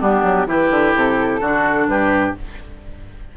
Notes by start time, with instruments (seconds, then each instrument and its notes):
0.00 bassoon G3, clarinet B3, oboe D4, flute G4
0.23 bassoon F#3
0.46 bassoon E3, clarinet E4, oboe G4, flute B4
0.70 bassoon D3
0.94 bassoon C3, flute A4
1.40 bassoon D3, clarinet D4, oboe F#4
1.87 bassoon G2, oboe G4, flute B4